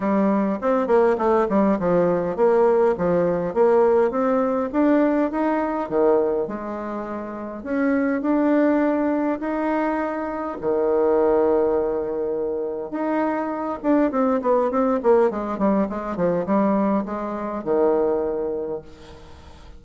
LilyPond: \new Staff \with { instrumentName = "bassoon" } { \time 4/4 \tempo 4 = 102 g4 c'8 ais8 a8 g8 f4 | ais4 f4 ais4 c'4 | d'4 dis'4 dis4 gis4~ | gis4 cis'4 d'2 |
dis'2 dis2~ | dis2 dis'4. d'8 | c'8 b8 c'8 ais8 gis8 g8 gis8 f8 | g4 gis4 dis2 | }